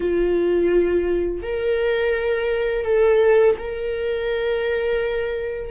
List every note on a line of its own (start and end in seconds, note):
0.00 1.42 F4
1.42 2.84 A#4
2.84 3.56 A4
3.58 5.71 A#4